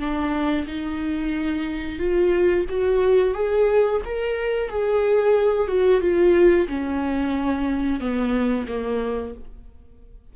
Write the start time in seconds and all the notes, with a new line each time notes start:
0.00 D4
0.67 D#4
2.00 F4
2.70 F#4
3.35 G#4
4.05 A#4
4.70 G#4
5.68 F#4
6.01 F4
6.68 C#4
8.00 B3
8.68 A#3